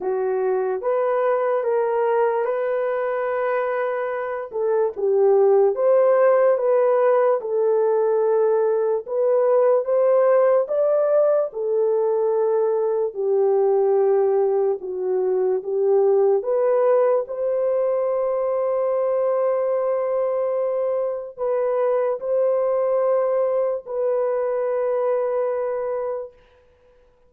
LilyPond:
\new Staff \with { instrumentName = "horn" } { \time 4/4 \tempo 4 = 73 fis'4 b'4 ais'4 b'4~ | b'4. a'8 g'4 c''4 | b'4 a'2 b'4 | c''4 d''4 a'2 |
g'2 fis'4 g'4 | b'4 c''2.~ | c''2 b'4 c''4~ | c''4 b'2. | }